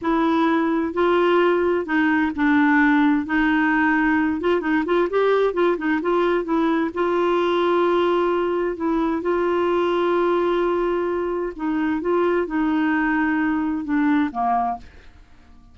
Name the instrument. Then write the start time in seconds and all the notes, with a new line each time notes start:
clarinet
0.01 E4
0.93 F4
1.85 D#4
2.35 D4
3.26 D#4
4.41 F4
4.60 D#4
4.85 F4
5.09 G4
5.53 F4
5.77 D#4
6.01 F4
6.44 E4
6.94 F4
8.76 E4
9.21 F4
11.56 D#4
12.01 F4
12.46 D#4
13.84 D4
14.31 A#3